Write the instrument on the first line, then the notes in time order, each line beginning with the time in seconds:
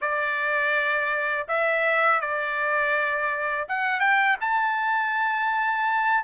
trumpet
0.01 D5
1.48 E5
2.21 D5
3.68 F#5
4.00 G5
4.41 A5